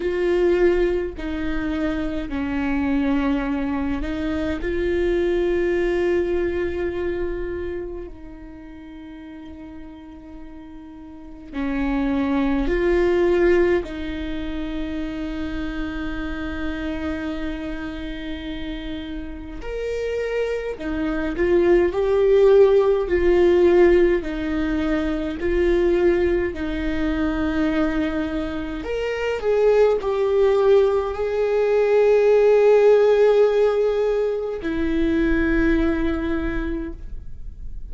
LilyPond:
\new Staff \with { instrumentName = "viola" } { \time 4/4 \tempo 4 = 52 f'4 dis'4 cis'4. dis'8 | f'2. dis'4~ | dis'2 cis'4 f'4 | dis'1~ |
dis'4 ais'4 dis'8 f'8 g'4 | f'4 dis'4 f'4 dis'4~ | dis'4 ais'8 gis'8 g'4 gis'4~ | gis'2 e'2 | }